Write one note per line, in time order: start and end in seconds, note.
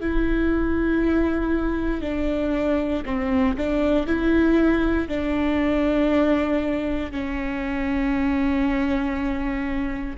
0.00 2.01 E4
2.01 3.03 D4
3.05 3.56 C4
3.56 4.06 D4
4.06 5.08 E4
5.08 7.11 D4
7.11 10.16 C#4